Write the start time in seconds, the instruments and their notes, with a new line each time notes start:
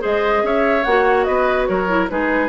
0.00 bassoon G#3, clarinet G#4, oboe C5, flute D#5
0.43 bassoon C#4, oboe C#5, flute E5
0.84 bassoon A#3, clarinet F#4, flute F#5
1.24 bassoon B3, oboe B4, flute D#5
1.67 bassoon F#3, oboe A#4, flute C#5
1.88 clarinet E4
2.10 bassoon G#3, clarinet D#4, oboe G#4, flute B4